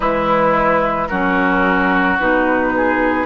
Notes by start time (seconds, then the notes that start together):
0.00 E3 G#3 E4 B4
1.07 F#3 C#4 F#4 A#4
2.19 B2 D#4 B4
2.76 G#4